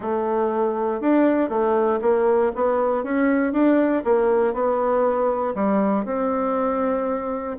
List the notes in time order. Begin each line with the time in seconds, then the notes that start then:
0.00 A3
1.00 D4
1.49 A3
2.01 A#3
2.55 B3
3.03 C#4
3.52 D4
4.04 A#3
4.53 B3
5.54 G3
6.05 C4